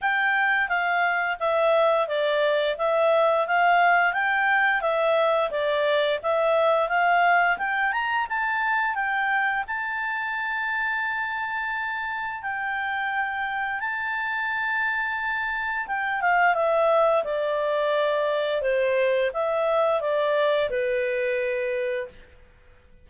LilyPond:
\new Staff \with { instrumentName = "clarinet" } { \time 4/4 \tempo 4 = 87 g''4 f''4 e''4 d''4 | e''4 f''4 g''4 e''4 | d''4 e''4 f''4 g''8 ais''8 | a''4 g''4 a''2~ |
a''2 g''2 | a''2. g''8 f''8 | e''4 d''2 c''4 | e''4 d''4 b'2 | }